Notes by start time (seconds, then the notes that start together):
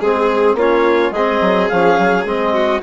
0.00 G#3 C4 G#4
0.54 A#3 C#4 F4 C#5
1.11 G#3 C4 G#4 D#5
1.41 F#3
1.68 F3 C#4 F5
1.99 F#3
2.25 G#3 C4 D#5
2.53 F#4